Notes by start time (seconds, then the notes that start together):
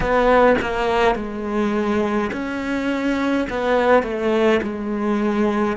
0.00 B3
0.61 A#3
1.15 G#3
2.32 C#4
3.49 B3
4.02 A3
4.63 G#3